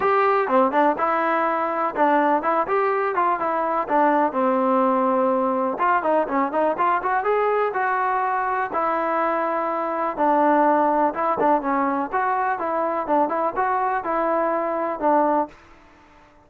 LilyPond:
\new Staff \with { instrumentName = "trombone" } { \time 4/4 \tempo 4 = 124 g'4 c'8 d'8 e'2 | d'4 e'8 g'4 f'8 e'4 | d'4 c'2. | f'8 dis'8 cis'8 dis'8 f'8 fis'8 gis'4 |
fis'2 e'2~ | e'4 d'2 e'8 d'8 | cis'4 fis'4 e'4 d'8 e'8 | fis'4 e'2 d'4 | }